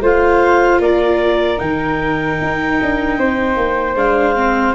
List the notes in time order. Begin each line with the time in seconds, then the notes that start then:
0.00 A3 F4 C5 F5
0.79 A#3 A#4 D5
1.57 D#3 D#4 G5
2.41 D#4
2.82 D4
3.18 C4 C5
3.56 A#3
3.95 G#3 D4 F5
4.35 C4